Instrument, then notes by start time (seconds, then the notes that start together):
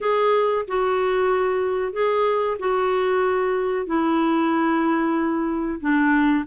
clarinet
0.01 G#4
0.67 F#4
1.92 G#4
2.59 F#4
3.86 E4
5.80 D4